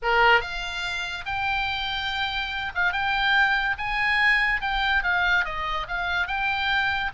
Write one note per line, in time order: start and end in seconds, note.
0.02 0.41 A#4
0.41 1.25 F5
1.25 2.72 G5
2.74 2.92 F5
2.92 3.76 G5
3.78 4.61 G#5
4.61 5.03 G5
5.03 5.45 F5
5.45 5.86 D#5
5.87 6.27 F5
6.27 7.11 G5